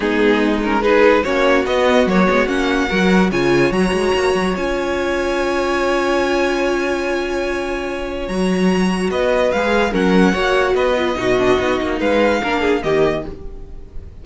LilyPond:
<<
  \new Staff \with { instrumentName = "violin" } { \time 4/4 \tempo 4 = 145 gis'4. ais'8 b'4 cis''4 | dis''4 cis''4 fis''2 | gis''4 ais''2 gis''4~ | gis''1~ |
gis''1 | ais''2 dis''4 f''4 | fis''2 dis''2~ | dis''4 f''2 dis''4 | }
  \new Staff \with { instrumentName = "violin" } { \time 4/4 dis'2 gis'4 fis'4~ | fis'2. ais'4 | cis''1~ | cis''1~ |
cis''1~ | cis''2 b'2 | ais'4 cis''4 b'4 fis'4~ | fis'4 b'4 ais'8 gis'8 g'4 | }
  \new Staff \with { instrumentName = "viola" } { \time 4/4 b4. cis'8 dis'4 cis'4 | b4 ais8 b8 cis'4 fis'4 | f'4 fis'2 f'4~ | f'1~ |
f'1 | fis'2. gis'4 | cis'4 fis'4. f'8 dis'8 d'8 | dis'2 d'4 ais4 | }
  \new Staff \with { instrumentName = "cello" } { \time 4/4 gis2. ais4 | b4 fis8 gis8 ais4 fis4 | cis4 fis8 gis8 ais8 fis8 cis'4~ | cis'1~ |
cis'1 | fis2 b4 gis4 | fis4 ais4 b4 b,4 | b8 ais8 gis4 ais4 dis4 | }
>>